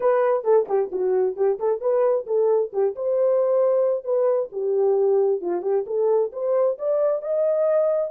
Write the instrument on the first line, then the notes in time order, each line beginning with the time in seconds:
horn
0.00 B4
0.43 A4
0.68 G4
0.92 F#4
1.36 G4
1.59 A4
1.80 B4
2.26 A4
2.72 G4
2.95 C5
4.04 B4
4.52 G4
5.41 F4
5.62 G4
5.86 A4
6.32 C5
6.78 D5
7.21 D#5